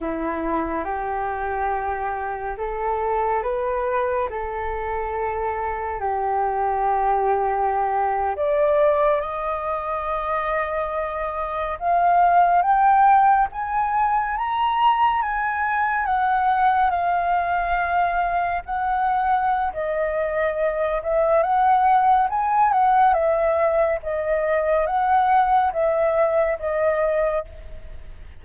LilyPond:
\new Staff \with { instrumentName = "flute" } { \time 4/4 \tempo 4 = 70 e'4 g'2 a'4 | b'4 a'2 g'4~ | g'4.~ g'16 d''4 dis''4~ dis''16~ | dis''4.~ dis''16 f''4 g''4 gis''16~ |
gis''8. ais''4 gis''4 fis''4 f''16~ | f''4.~ f''16 fis''4~ fis''16 dis''4~ | dis''8 e''8 fis''4 gis''8 fis''8 e''4 | dis''4 fis''4 e''4 dis''4 | }